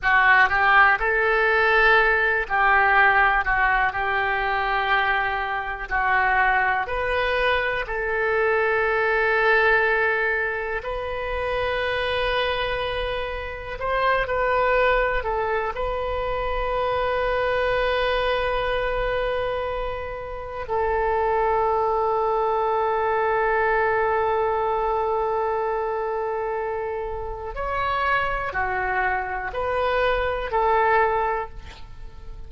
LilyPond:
\new Staff \with { instrumentName = "oboe" } { \time 4/4 \tempo 4 = 61 fis'8 g'8 a'4. g'4 fis'8 | g'2 fis'4 b'4 | a'2. b'4~ | b'2 c''8 b'4 a'8 |
b'1~ | b'4 a'2.~ | a'1 | cis''4 fis'4 b'4 a'4 | }